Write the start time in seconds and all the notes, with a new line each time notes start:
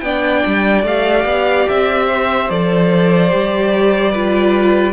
0.00 B3 D4 D5 G5
0.46 G3
0.83 A3 G4 F5
1.24 B3
1.69 C4 E5
2.07 C5
2.49 F3 A4 D5
3.29 G3 G4
4.12 F4 B4